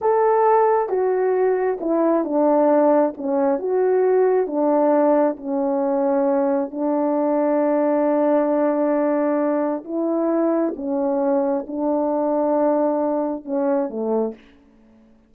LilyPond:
\new Staff \with { instrumentName = "horn" } { \time 4/4 \tempo 4 = 134 a'2 fis'2 | e'4 d'2 cis'4 | fis'2 d'2 | cis'2. d'4~ |
d'1~ | d'2 e'2 | cis'2 d'2~ | d'2 cis'4 a4 | }